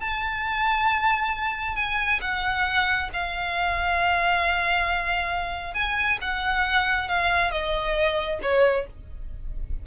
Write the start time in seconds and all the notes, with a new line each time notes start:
0.00 A5
1.75 G#5
2.21 F#5
3.13 F5
5.74 G#5
6.21 F#5
7.08 F5
7.51 D#5
8.42 C#5